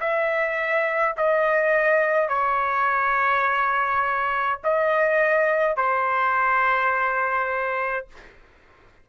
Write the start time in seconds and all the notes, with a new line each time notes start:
0.00 E5
1.17 D#5
2.29 C#5
4.64 D#5
5.77 C5